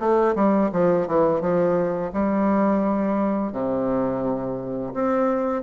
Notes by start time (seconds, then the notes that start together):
0.00 A3
0.36 G3
0.73 F3
1.08 E3
1.41 F3
2.13 G3
3.53 C3
4.94 C4